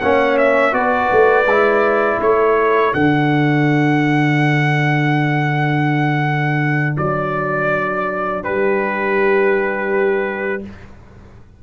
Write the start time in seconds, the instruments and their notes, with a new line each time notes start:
0.00 tuba A#3, trombone C#4, horn C#5, trumpet F#5
0.37 trumpet E5
0.71 tuba B3, trombone F#4, horn B4, trumpet D5
1.11 tuba A3
1.45 tuba G#3, trombone E4
2.20 tuba A3, horn A4, trumpet C#5
2.93 tuba D3, trombone D4, trumpet F#5
6.97 tuba F#3, trumpet D5
8.42 tuba G3, horn G4, trumpet B4